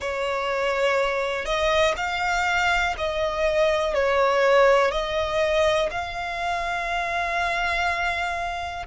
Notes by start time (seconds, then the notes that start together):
0.00 C#5
1.45 D#5
1.97 F5
2.97 D#5
3.93 C#5
4.91 D#5
5.90 F5